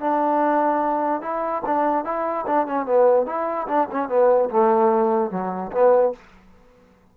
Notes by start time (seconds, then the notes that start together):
0.00 D4
1.21 E4
1.66 D4
2.04 E4
2.47 D4
2.66 C#4
2.86 B3
3.26 E4
3.68 D4
3.91 C#4
4.09 B3
4.50 A3
5.31 F#3
5.72 B3